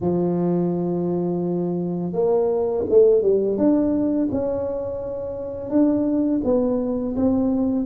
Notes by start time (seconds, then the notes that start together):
0.00 F3
2.12 A#3
2.89 A3
3.21 G3
3.57 D4
4.31 C#4
5.69 D4
6.44 B3
7.16 C4